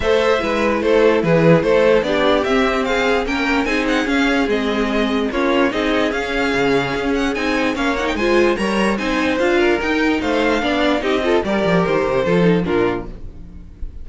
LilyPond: <<
  \new Staff \with { instrumentName = "violin" } { \time 4/4 \tempo 4 = 147 e''2 c''4 b'4 | c''4 d''4 e''4 f''4 | g''4 gis''8 fis''8 f''4 dis''4~ | dis''4 cis''4 dis''4 f''4~ |
f''4. fis''8 gis''4 f''8 fis''16 g''16 | gis''4 ais''4 gis''4 f''4 | g''4 f''2 dis''4 | d''4 c''2 ais'4 | }
  \new Staff \with { instrumentName = "violin" } { \time 4/4 c''4 b'4 a'4 gis'4 | a'4 g'2 gis'4 | ais'4 gis'2.~ | gis'4 f'4 gis'2~ |
gis'2. cis''4 | c''4 cis''4 c''4. ais'8~ | ais'4 c''4 d''4 g'8 a'8 | ais'2 a'4 f'4 | }
  \new Staff \with { instrumentName = "viola" } { \time 4/4 a'4 e'2.~ | e'4 d'4 c'2 | cis'4 dis'4 cis'4 c'4~ | c'4 cis'4 dis'4 cis'4~ |
cis'2 dis'4 cis'8 dis'8 | f'4 ais'4 dis'4 f'4 | dis'2 d'4 dis'8 f'8 | g'2 f'8 dis'8 d'4 | }
  \new Staff \with { instrumentName = "cello" } { \time 4/4 a4 gis4 a4 e4 | a4 b4 c'2 | ais4 c'4 cis'4 gis4~ | gis4 ais4 c'4 cis'4 |
cis4 cis'4 c'4 ais4 | gis4 g4 c'4 d'4 | dis'4 a4 b4 c'4 | g8 f8 dis8 c8 f4 ais,4 | }
>>